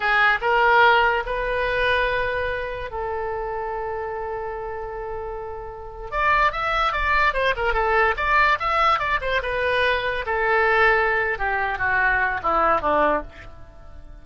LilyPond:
\new Staff \with { instrumentName = "oboe" } { \time 4/4 \tempo 4 = 145 gis'4 ais'2 b'4~ | b'2. a'4~ | a'1~ | a'2~ a'8. d''4 e''16~ |
e''8. d''4 c''8 ais'8 a'4 d''16~ | d''8. e''4 d''8 c''8 b'4~ b'16~ | b'8. a'2~ a'8. g'8~ | g'8 fis'4. e'4 d'4 | }